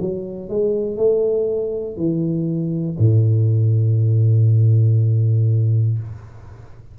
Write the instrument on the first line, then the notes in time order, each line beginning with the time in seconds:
tuba
0.00 F#3
0.49 G#3
0.97 A3
1.96 E3
2.99 A2